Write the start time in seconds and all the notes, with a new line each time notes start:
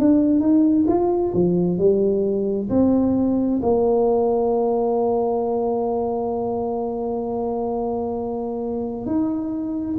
0.00 D4
0.41 D#4
0.88 F4
1.34 F3
1.79 G3
2.70 C4
3.63 A#3
9.07 D#4